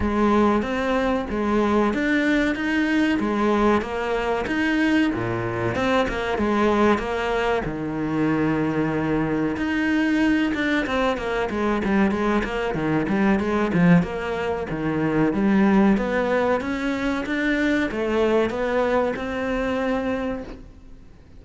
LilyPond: \new Staff \with { instrumentName = "cello" } { \time 4/4 \tempo 4 = 94 gis4 c'4 gis4 d'4 | dis'4 gis4 ais4 dis'4 | ais,4 c'8 ais8 gis4 ais4 | dis2. dis'4~ |
dis'8 d'8 c'8 ais8 gis8 g8 gis8 ais8 | dis8 g8 gis8 f8 ais4 dis4 | g4 b4 cis'4 d'4 | a4 b4 c'2 | }